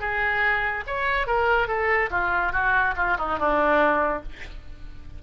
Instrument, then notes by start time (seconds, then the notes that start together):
oboe
0.00 G#4
0.87 C#5
1.26 A#4
1.67 A4
2.10 F4
2.52 F#4
2.96 F4
3.18 D#4
3.39 D4